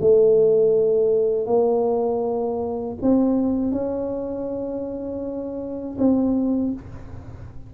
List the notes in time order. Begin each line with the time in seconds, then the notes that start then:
0.00 A3
1.46 A#3
3.01 C4
3.71 C#4
5.98 C4